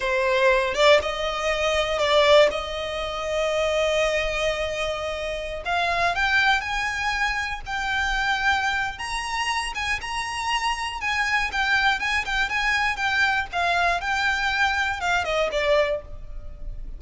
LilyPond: \new Staff \with { instrumentName = "violin" } { \time 4/4 \tempo 4 = 120 c''4. d''8 dis''2 | d''4 dis''2.~ | dis''2.~ dis''16 f''8.~ | f''16 g''4 gis''2 g''8.~ |
g''2 ais''4. gis''8 | ais''2 gis''4 g''4 | gis''8 g''8 gis''4 g''4 f''4 | g''2 f''8 dis''8 d''4 | }